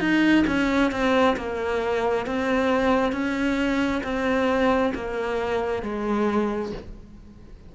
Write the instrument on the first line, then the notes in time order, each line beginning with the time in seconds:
cello
0.00 D#4
0.47 C#4
0.92 C4
1.37 A#3
2.26 C4
3.12 C#4
4.04 C4
4.95 A#3
5.83 G#3